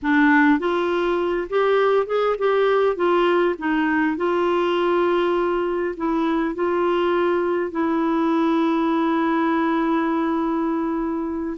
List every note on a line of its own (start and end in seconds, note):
0.02 0.59 D4
0.59 1.48 F4
1.49 2.06 G4
2.06 2.35 G#4
2.38 2.95 G4
2.95 3.55 F4
3.58 4.17 D#4
4.17 5.95 F4
5.96 6.55 E4
6.55 7.71 F4
7.71 11.57 E4